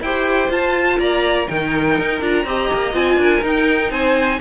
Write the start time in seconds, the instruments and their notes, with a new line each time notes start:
0.00 cello E4, viola G4, violin C5 G5
0.49 cello F4, viola F4, violin A5
0.98 cello A#3, violin D5 A#5
1.47 cello D#3, viola D#4, violin A#4 G5
1.98 cello D#4
2.21 cello D4, viola F4, violin A#5
2.44 cello C4, viola G4, violin D#5
2.73 cello A#3
2.92 cello C4, viola F4, violin G#5
3.17 cello D4, violin A#4
3.42 cello D#4, viola D#4, violin G5
3.90 cello C4, violin C5 G#5